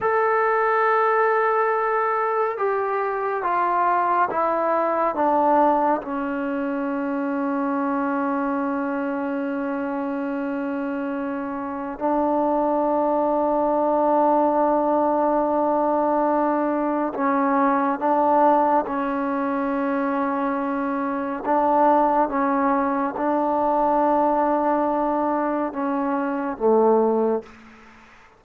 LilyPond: \new Staff \with { instrumentName = "trombone" } { \time 4/4 \tempo 4 = 70 a'2. g'4 | f'4 e'4 d'4 cis'4~ | cis'1~ | cis'2 d'2~ |
d'1 | cis'4 d'4 cis'2~ | cis'4 d'4 cis'4 d'4~ | d'2 cis'4 a4 | }